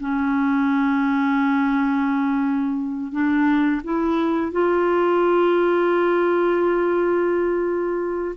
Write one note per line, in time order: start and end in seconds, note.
0.00 3.12 C#4
3.12 3.82 D4
3.84 4.52 E4
4.52 8.36 F4